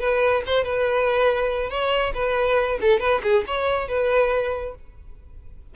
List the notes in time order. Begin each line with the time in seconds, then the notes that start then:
0.00 B4
0.46 C5
0.64 B4
1.70 C#5
2.14 B4
2.81 A4
3.00 B4
3.23 G#4
3.47 C#5
3.88 B4